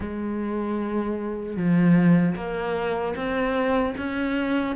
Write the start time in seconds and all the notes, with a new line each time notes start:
0.00 G#3
1.56 F3
2.35 A#3
3.15 C4
3.97 C#4